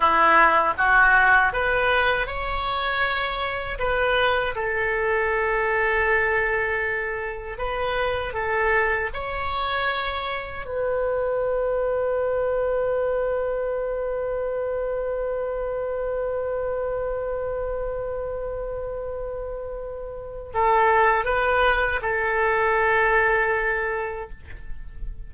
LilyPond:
\new Staff \with { instrumentName = "oboe" } { \time 4/4 \tempo 4 = 79 e'4 fis'4 b'4 cis''4~ | cis''4 b'4 a'2~ | a'2 b'4 a'4 | cis''2 b'2~ |
b'1~ | b'1~ | b'2. a'4 | b'4 a'2. | }